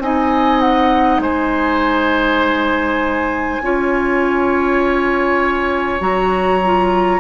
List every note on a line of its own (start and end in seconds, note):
0.00 1.19 C4
0.00 3.62 D#4
0.00 1.22 D#5
0.00 0.60 G#5
0.60 1.20 F#5
1.19 3.59 G#3
1.19 3.62 C5
1.19 6.02 G#5
3.62 6.01 C#4
3.62 6.00 F4
3.62 7.20 C#5
6.00 7.20 F#3
6.00 6.60 F#4
6.00 7.20 A#5
6.65 7.20 F4